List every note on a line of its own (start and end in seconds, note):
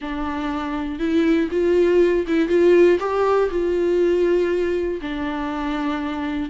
0.01 0.99 D4
0.99 1.49 E4
1.51 2.26 F4
2.27 2.48 E4
2.48 2.98 F4
2.99 3.49 G4
3.50 5.00 F4
5.01 6.50 D4